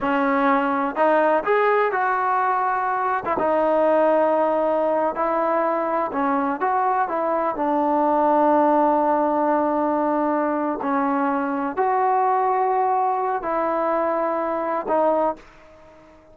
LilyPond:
\new Staff \with { instrumentName = "trombone" } { \time 4/4 \tempo 4 = 125 cis'2 dis'4 gis'4 | fis'2~ fis'8. e'16 dis'4~ | dis'2~ dis'8. e'4~ e'16~ | e'8. cis'4 fis'4 e'4 d'16~ |
d'1~ | d'2~ d'8 cis'4.~ | cis'8 fis'2.~ fis'8 | e'2. dis'4 | }